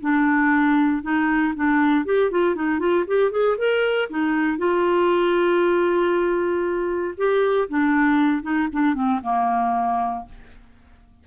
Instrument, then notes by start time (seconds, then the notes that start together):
clarinet
0.00 D4
1.02 D#4
1.55 D4
2.05 G4
2.31 F4
2.55 D#4
2.79 F4
3.07 G4
3.31 G#4
3.57 A#4
4.09 D#4
4.58 F4
7.17 G4
7.69 D4
8.42 D#4
8.72 D4
8.94 C4
9.23 A#3